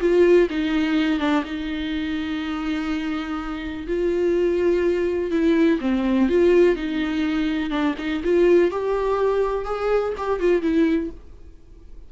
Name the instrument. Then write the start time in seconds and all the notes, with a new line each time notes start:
viola
0.00 F4
0.49 D#4
1.19 D4
1.44 D#4
3.87 F4
5.30 E4
5.80 C4
6.29 F4
6.75 D#4
7.70 D4
7.98 D#4
8.23 F4
8.71 G4
9.65 G#4
10.17 G4
10.39 F4
10.62 E4